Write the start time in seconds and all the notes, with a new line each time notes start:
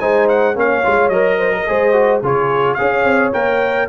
0.00 G#3 D#4 C5 G#5
0.29 F#5
0.55 A#3 C#4 C#5 F5
0.84 G#3 F4
1.09 F#3 A#4 D#5
1.38 C5
1.53 A#4
1.67 G#3 G#4 C5
1.93 F#4
2.22 C#3 F4 G#4 C#5
2.75 G#4 C#5 F5
2.81 C#4
3.04 C4
3.33 A#3 A#4 G5